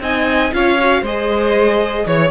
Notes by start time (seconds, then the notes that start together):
0.00 C4 D#4 D#5 G#5
0.53 C#4 F4 C#5 F5
0.79 F#4
1.01 G#3 G#4 C5 D#5
2.06 E3 C#5